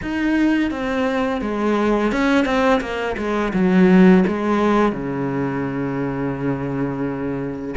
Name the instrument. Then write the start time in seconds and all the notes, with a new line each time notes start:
cello
0.02 D#4
0.70 C4
1.41 G#3
2.12 C#4
2.45 C4
2.80 A#3
3.17 G#3
3.53 F#3
4.27 G#3
4.92 C#3